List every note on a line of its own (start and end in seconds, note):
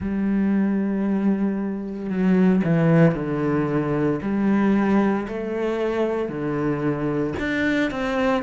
0.00 2.09 G3
2.09 2.62 F#3
2.64 3.14 E3
3.14 4.20 D3
4.22 5.27 G3
5.27 6.28 A3
6.28 7.33 D3
7.39 7.90 D4
7.90 8.42 C4